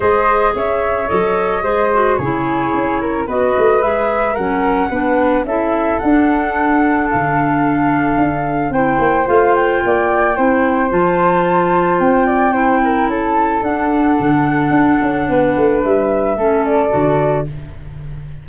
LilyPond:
<<
  \new Staff \with { instrumentName = "flute" } { \time 4/4 \tempo 4 = 110 dis''4 e''4 dis''2 | cis''2 dis''4 e''4 | fis''2 e''4 fis''4~ | fis''4 f''2. |
g''4 f''8 g''2~ g''8 | a''2 g''2 | a''4 fis''2.~ | fis''4 e''4. d''4. | }
  \new Staff \with { instrumentName = "flute" } { \time 4/4 c''4 cis''2 c''4 | gis'4. ais'8 b'2 | ais'4 b'4 a'2~ | a'1 |
c''2 d''4 c''4~ | c''2~ c''8 d''8 c''8 ais'8 | a'1 | b'2 a'2 | }
  \new Staff \with { instrumentName = "clarinet" } { \time 4/4 gis'2 a'4 gis'8 fis'8 | e'2 fis'4 gis'4 | cis'4 d'4 e'4 d'4~ | d'1 |
e'4 f'2 e'4 | f'2. e'4~ | e'4 d'2.~ | d'2 cis'4 fis'4 | }
  \new Staff \with { instrumentName = "tuba" } { \time 4/4 gis4 cis'4 fis4 gis4 | cis4 cis'4 b8 a8 gis4 | fis4 b4 cis'4 d'4~ | d'4 d2 d'4 |
c'8 ais8 a4 ais4 c'4 | f2 c'2 | cis'4 d'4 d4 d'8 cis'8 | b8 a8 g4 a4 d4 | }
>>